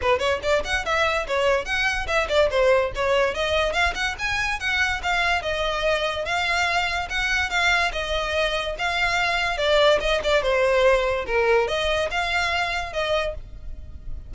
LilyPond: \new Staff \with { instrumentName = "violin" } { \time 4/4 \tempo 4 = 144 b'8 cis''8 d''8 fis''8 e''4 cis''4 | fis''4 e''8 d''8 c''4 cis''4 | dis''4 f''8 fis''8 gis''4 fis''4 | f''4 dis''2 f''4~ |
f''4 fis''4 f''4 dis''4~ | dis''4 f''2 d''4 | dis''8 d''8 c''2 ais'4 | dis''4 f''2 dis''4 | }